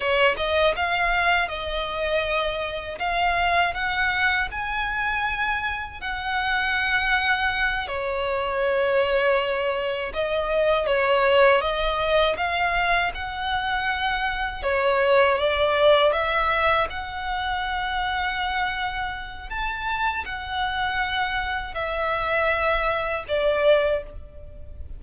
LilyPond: \new Staff \with { instrumentName = "violin" } { \time 4/4 \tempo 4 = 80 cis''8 dis''8 f''4 dis''2 | f''4 fis''4 gis''2 | fis''2~ fis''8 cis''4.~ | cis''4. dis''4 cis''4 dis''8~ |
dis''8 f''4 fis''2 cis''8~ | cis''8 d''4 e''4 fis''4.~ | fis''2 a''4 fis''4~ | fis''4 e''2 d''4 | }